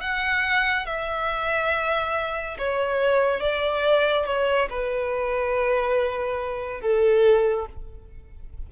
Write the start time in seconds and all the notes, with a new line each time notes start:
0.00 F#5
0.85 E5
2.58 C#5
3.40 D5
4.25 C#5
4.69 B4
6.81 A4